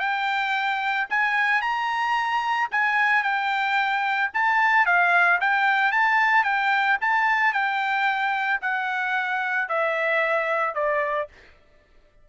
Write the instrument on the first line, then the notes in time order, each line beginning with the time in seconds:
trumpet
0.00 G5
1.10 G#5
1.61 A#5
2.71 G#5
3.23 G5
4.34 A5
4.86 F5
5.41 G5
5.92 A5
6.44 G5
7.01 A5
7.53 G5
8.62 F#5
9.68 E5
10.75 D5